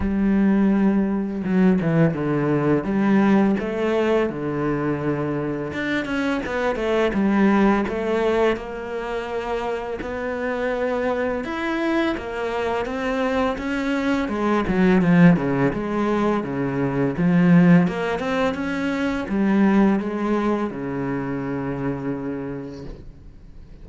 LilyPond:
\new Staff \with { instrumentName = "cello" } { \time 4/4 \tempo 4 = 84 g2 fis8 e8 d4 | g4 a4 d2 | d'8 cis'8 b8 a8 g4 a4 | ais2 b2 |
e'4 ais4 c'4 cis'4 | gis8 fis8 f8 cis8 gis4 cis4 | f4 ais8 c'8 cis'4 g4 | gis4 cis2. | }